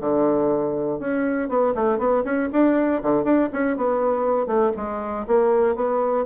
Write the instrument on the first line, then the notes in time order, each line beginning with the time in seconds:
bassoon
0.00 D3
0.99 C#4
1.48 B3
1.75 A3
1.98 B3
2.24 C#4
2.52 D4
3.02 D3
3.24 D4
3.52 C#4
3.77 B3
4.46 A3
4.76 G#3
5.27 A#3
5.75 B3